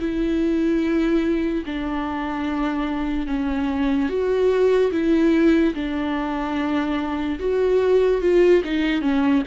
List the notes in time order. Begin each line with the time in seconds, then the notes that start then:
0.00 E4
1.66 D4
3.27 C#4
4.09 F#4
4.92 E4
5.75 D4
7.39 F#4
8.22 F4
8.65 D#4
9.02 C#4